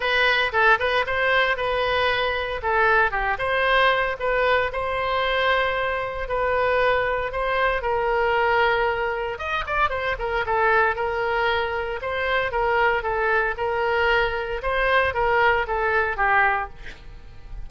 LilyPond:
\new Staff \with { instrumentName = "oboe" } { \time 4/4 \tempo 4 = 115 b'4 a'8 b'8 c''4 b'4~ | b'4 a'4 g'8 c''4. | b'4 c''2. | b'2 c''4 ais'4~ |
ais'2 dis''8 d''8 c''8 ais'8 | a'4 ais'2 c''4 | ais'4 a'4 ais'2 | c''4 ais'4 a'4 g'4 | }